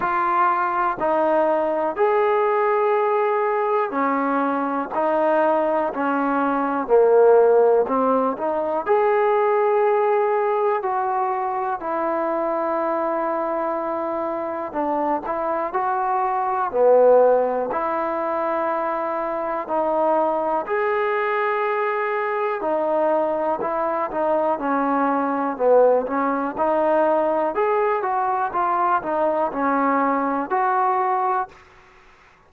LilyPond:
\new Staff \with { instrumentName = "trombone" } { \time 4/4 \tempo 4 = 61 f'4 dis'4 gis'2 | cis'4 dis'4 cis'4 ais4 | c'8 dis'8 gis'2 fis'4 | e'2. d'8 e'8 |
fis'4 b4 e'2 | dis'4 gis'2 dis'4 | e'8 dis'8 cis'4 b8 cis'8 dis'4 | gis'8 fis'8 f'8 dis'8 cis'4 fis'4 | }